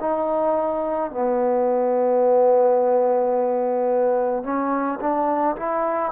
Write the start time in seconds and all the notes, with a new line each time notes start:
0.00 D#4
1.11 B3
4.43 C#4
4.99 D4
5.56 E4